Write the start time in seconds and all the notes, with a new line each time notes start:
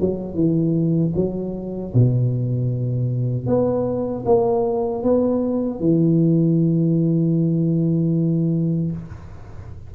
0.00 F#3
0.34 E3
1.15 F#3
1.93 B2
3.46 B3
4.25 A#3
5.03 B3
5.79 E3